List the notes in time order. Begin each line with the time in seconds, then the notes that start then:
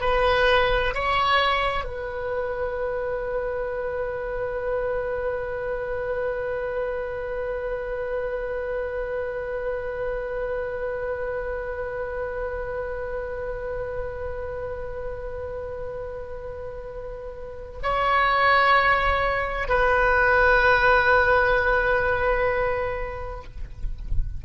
0.00 B4
0.94 C#5
1.84 B4
17.82 C#5
19.68 B4